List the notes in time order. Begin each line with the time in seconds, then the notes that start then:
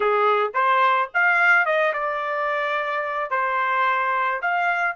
0.00 G#4
0.54 C5
1.14 F5
1.65 D#5
1.93 D5
3.30 C5
4.41 F5